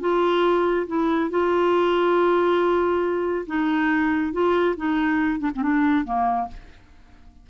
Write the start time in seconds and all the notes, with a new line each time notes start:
0.00 F4
0.87 E4
1.30 F4
3.46 D#4
4.32 F4
4.76 D#4
5.39 D4
5.55 C4
5.62 D4
6.04 A#3